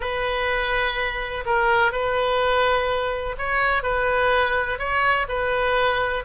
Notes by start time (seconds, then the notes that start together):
0.00 B4
1.45 A#4
1.92 B4
3.38 C#5
3.83 B4
4.78 C#5
5.28 B4